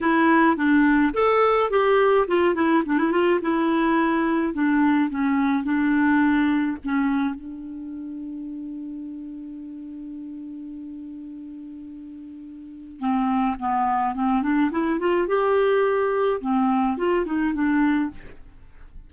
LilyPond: \new Staff \with { instrumentName = "clarinet" } { \time 4/4 \tempo 4 = 106 e'4 d'4 a'4 g'4 | f'8 e'8 d'16 e'16 f'8 e'2 | d'4 cis'4 d'2 | cis'4 d'2.~ |
d'1~ | d'2. c'4 | b4 c'8 d'8 e'8 f'8 g'4~ | g'4 c'4 f'8 dis'8 d'4 | }